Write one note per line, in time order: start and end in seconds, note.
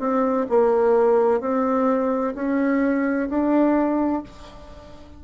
0.00 0.47 C4
0.49 1.41 A#3
1.41 2.34 C4
2.35 3.29 C#4
3.29 4.23 D4